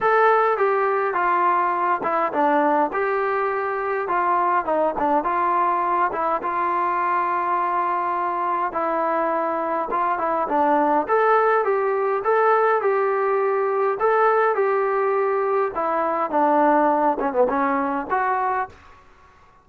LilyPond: \new Staff \with { instrumentName = "trombone" } { \time 4/4 \tempo 4 = 103 a'4 g'4 f'4. e'8 | d'4 g'2 f'4 | dis'8 d'8 f'4. e'8 f'4~ | f'2. e'4~ |
e'4 f'8 e'8 d'4 a'4 | g'4 a'4 g'2 | a'4 g'2 e'4 | d'4. cis'16 b16 cis'4 fis'4 | }